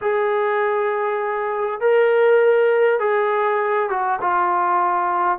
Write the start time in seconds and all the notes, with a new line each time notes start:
0.01 G#4
1.80 A#4
2.99 G#4
3.89 F#4
4.21 F4